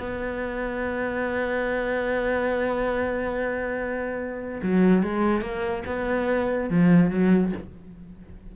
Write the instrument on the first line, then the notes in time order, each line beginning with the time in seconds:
cello
0.00 B3
4.63 F#3
5.03 G#3
5.42 A#3
5.87 B3
6.70 F3
7.11 F#3